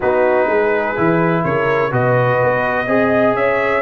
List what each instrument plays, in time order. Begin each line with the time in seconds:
0.00 tuba B3, trombone D#4, horn F#4, trumpet B4
0.46 tuba G#3, horn G#4
0.96 tuba E3, trombone E4
1.43 tuba C#3, horn A#4, trumpet C#5
1.90 tuba B2, trombone F#4, horn B4, trumpet D#5
2.43 tuba B3
2.87 tuba C4, trombone G#4, horn D#5
3.34 tuba C#4, horn C#5, trumpet E5